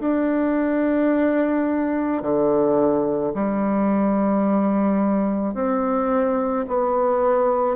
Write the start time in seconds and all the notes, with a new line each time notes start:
0.00 D4
2.22 D3
3.34 G3
5.54 C4
6.68 B3